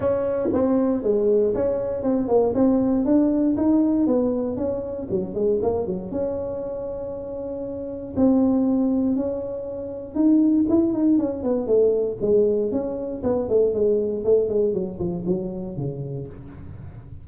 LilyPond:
\new Staff \with { instrumentName = "tuba" } { \time 4/4 \tempo 4 = 118 cis'4 c'4 gis4 cis'4 | c'8 ais8 c'4 d'4 dis'4 | b4 cis'4 fis8 gis8 ais8 fis8 | cis'1 |
c'2 cis'2 | dis'4 e'8 dis'8 cis'8 b8 a4 | gis4 cis'4 b8 a8 gis4 | a8 gis8 fis8 f8 fis4 cis4 | }